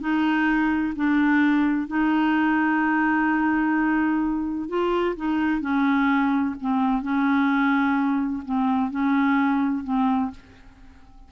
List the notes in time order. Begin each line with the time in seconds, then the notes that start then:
0.00 D#4
0.96 D4
1.87 D#4
4.68 F4
5.16 D#4
5.61 C#4
6.61 C4
7.02 C#4
8.45 C4
8.91 C#4
9.84 C4